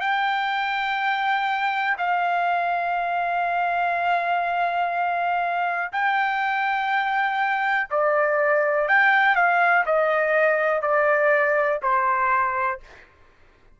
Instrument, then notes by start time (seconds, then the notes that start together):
trumpet
0.00 G5
1.98 F5
5.92 G5
7.90 D5
8.88 G5
9.35 F5
9.85 D#5
10.82 D5
11.82 C5